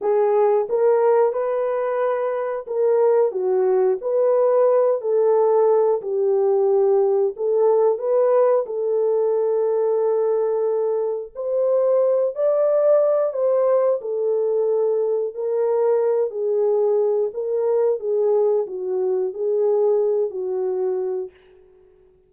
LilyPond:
\new Staff \with { instrumentName = "horn" } { \time 4/4 \tempo 4 = 90 gis'4 ais'4 b'2 | ais'4 fis'4 b'4. a'8~ | a'4 g'2 a'4 | b'4 a'2.~ |
a'4 c''4. d''4. | c''4 a'2 ais'4~ | ais'8 gis'4. ais'4 gis'4 | fis'4 gis'4. fis'4. | }